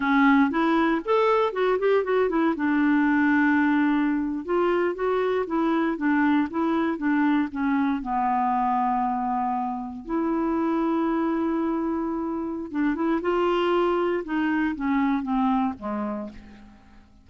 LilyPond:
\new Staff \with { instrumentName = "clarinet" } { \time 4/4 \tempo 4 = 118 cis'4 e'4 a'4 fis'8 g'8 | fis'8 e'8 d'2.~ | d'8. f'4 fis'4 e'4 d'16~ | d'8. e'4 d'4 cis'4 b16~ |
b2.~ b8. e'16~ | e'1~ | e'4 d'8 e'8 f'2 | dis'4 cis'4 c'4 gis4 | }